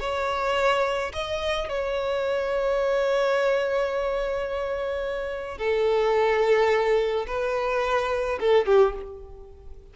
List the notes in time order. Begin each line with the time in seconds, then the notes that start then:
0.00 C#5
1.13 D#5
1.69 C#5
5.58 A4
7.27 B4
8.40 A4
8.66 G4